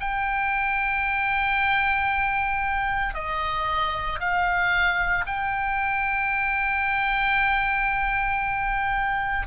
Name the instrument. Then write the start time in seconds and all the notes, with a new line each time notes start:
oboe
0.00 G5
3.14 D#5
4.20 F5
5.26 G5